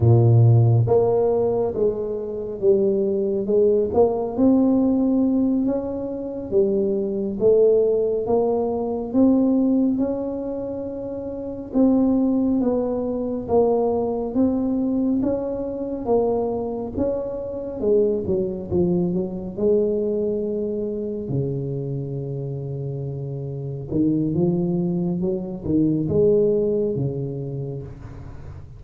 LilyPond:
\new Staff \with { instrumentName = "tuba" } { \time 4/4 \tempo 4 = 69 ais,4 ais4 gis4 g4 | gis8 ais8 c'4. cis'4 g8~ | g8 a4 ais4 c'4 cis'8~ | cis'4. c'4 b4 ais8~ |
ais8 c'4 cis'4 ais4 cis'8~ | cis'8 gis8 fis8 f8 fis8 gis4.~ | gis8 cis2. dis8 | f4 fis8 dis8 gis4 cis4 | }